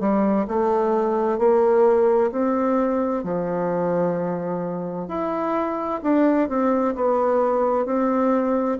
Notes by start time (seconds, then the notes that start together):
0.00 G3
0.47 A3
1.38 A#3
2.32 C4
3.23 F3
5.08 E4
6.03 D4
6.49 C4
6.95 B3
7.85 C4